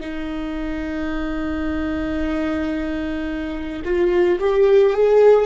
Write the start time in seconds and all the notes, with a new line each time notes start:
0.00 D#4
3.84 F4
4.39 G4
4.93 G#4